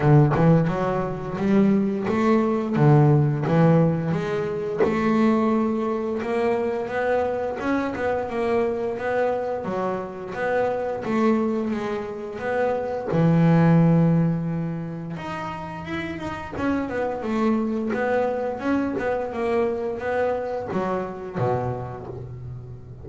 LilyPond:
\new Staff \with { instrumentName = "double bass" } { \time 4/4 \tempo 4 = 87 d8 e8 fis4 g4 a4 | d4 e4 gis4 a4~ | a4 ais4 b4 cis'8 b8 | ais4 b4 fis4 b4 |
a4 gis4 b4 e4~ | e2 dis'4 e'8 dis'8 | cis'8 b8 a4 b4 cis'8 b8 | ais4 b4 fis4 b,4 | }